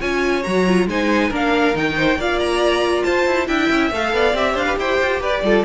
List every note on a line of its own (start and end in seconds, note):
0.00 0.44 C#4
0.00 0.43 F4
0.00 0.87 C#5
0.00 0.43 G#5
0.43 0.87 F#3
0.43 0.66 F#4
0.43 0.87 A#5
0.67 0.89 F4
0.87 1.30 G#3
0.87 1.31 D#4
0.87 1.29 C5
0.87 1.33 G#5
1.29 1.74 A#3
1.29 1.74 D4
1.29 1.94 A#4
1.36 1.77 F5
1.74 2.16 D#3
1.74 2.18 D#4
1.74 2.20 G5
1.96 2.18 C5
2.16 3.03 A#3
2.16 3.48 F4
2.16 3.05 D5
2.16 2.39 F5
2.39 3.03 A#5
3.03 3.26 F4
3.03 3.48 C5
3.03 3.47 A5
3.26 3.48 E4
3.47 3.69 D4
3.47 3.91 E4
3.47 4.13 E5
3.47 3.91 G5
3.70 3.91 C#4
3.91 4.13 A3
3.91 4.34 A4
3.91 4.36 F5
4.13 4.34 B3
4.13 4.54 D5
4.34 4.54 C4
4.34 5.42 G4
4.34 4.57 E5
4.54 4.76 D4
4.54 4.65 C5
4.54 4.78 F5
4.66 4.77 B4
4.78 5.00 E4
4.78 5.21 C5
4.78 5.22 G5
5.01 5.20 F4
5.20 5.42 G4
5.20 5.43 B4
5.20 5.65 D5
5.42 5.64 G3
5.42 5.65 F4
5.42 5.65 A4